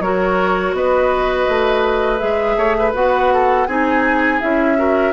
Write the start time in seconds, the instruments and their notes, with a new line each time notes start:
0.00 bassoon F#3, clarinet F#4, oboe A#4, flute C#5
0.73 bassoon B3, oboe B4, flute D#5
1.49 bassoon A3
2.19 bassoon G#3, clarinet G#4, flute E5
2.57 bassoon A3, oboe C#5
2.79 oboe B4
2.95 bassoon B3, clarinet F#4, flute F#5
3.34 oboe A4
3.67 bassoon C4, clarinet D#4, oboe G#4, flute G#5
4.41 bassoon C#4, clarinet E4, flute E5
4.77 clarinet F#4, oboe A#4